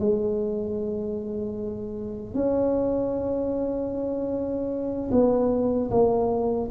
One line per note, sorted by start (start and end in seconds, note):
0.00 2.35 G#3
2.35 5.11 C#4
5.12 5.91 B3
5.91 6.70 A#3